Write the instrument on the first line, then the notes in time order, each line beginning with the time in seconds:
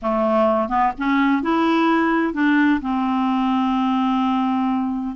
clarinet
0.02 A3
0.68 B3
0.98 C#4
1.42 E4
2.33 D4
2.81 C4